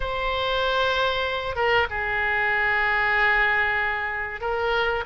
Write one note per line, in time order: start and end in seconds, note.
0.00 1.55 C5
1.55 1.87 A#4
1.89 4.40 G#4
4.40 5.04 A#4